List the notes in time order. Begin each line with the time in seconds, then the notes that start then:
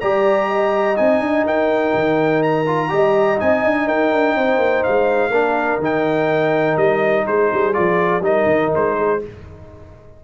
0.00 G3 G4 D5 A#5
0.48 D#5
0.96 C4 D#4 G#5
1.20 D4
1.45 D#4 A#4 G5
1.94 D#3
2.43 A#5
2.66 F4
2.89 G3 G4 D#5
3.37 C4 D#4 G#5
3.64 D4
3.87 D#4 A#4 G5
4.12 D4
4.35 C4 C5
4.57 A#3
4.83 G#3 F5
5.30 A#3 D4 A#4
5.79 D#3 D#4 G5
6.77 G3 D#5
7.27 G#3 G#4 C5
7.53 G3
7.73 F3 F4 D5
8.21 G3 D#4 A#4 D#5
8.46 D#3
8.75 G#3 C5
8.97 G#4